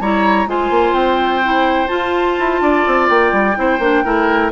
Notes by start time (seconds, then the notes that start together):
0.00 G3 E4 C#5 A#5
0.46 G#3 F4 C5 G#5
0.70 A#3
0.92 C4 G5
1.43 E4
1.87 F4 A5
2.38 E4
2.60 D4 D5
2.86 C4
3.08 A#3 G5
3.32 G3
3.55 C4 E4 C5
3.78 A#3 D4
4.04 A3 E4 A#4